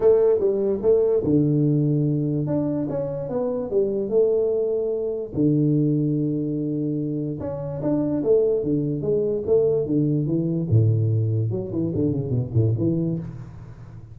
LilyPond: \new Staff \with { instrumentName = "tuba" } { \time 4/4 \tempo 4 = 146 a4 g4 a4 d4~ | d2 d'4 cis'4 | b4 g4 a2~ | a4 d2.~ |
d2 cis'4 d'4 | a4 d4 gis4 a4 | d4 e4 a,2 | fis8 e8 d8 cis8 b,8 a,8 e4 | }